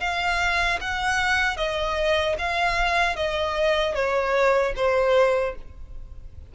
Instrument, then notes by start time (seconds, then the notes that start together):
violin
0.00 F5
0.81 F#5
1.57 D#5
2.38 F5
3.16 D#5
3.95 C#5
4.76 C5